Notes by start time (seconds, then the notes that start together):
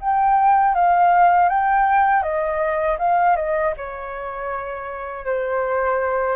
0.00 G5
0.74 F5
1.49 G5
2.23 D#5
2.99 F5
3.36 D#5
3.77 C#5
5.25 C5